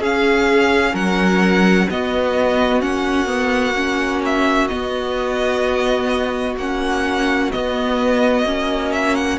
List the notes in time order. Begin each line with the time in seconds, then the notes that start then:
0.00 C#4 G#4 F5
0.94 F#3 A#4 F#5
1.90 B3 F#4 D#5
2.81 A#3 C#4 F#5
3.26 B3
3.76 C#4
4.26 E5
4.68 B3 D#5
6.57 A#3 C#4 F#5
7.52 B3 D#5
8.45 A#3 C#4
8.93 E5
9.16 F#5